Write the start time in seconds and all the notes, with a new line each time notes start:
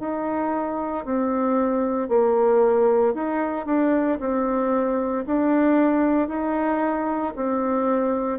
0.00 D#4
1.05 C4
2.09 A#3
3.14 D#4
3.66 D4
4.20 C4
5.26 D4
6.29 D#4
7.36 C4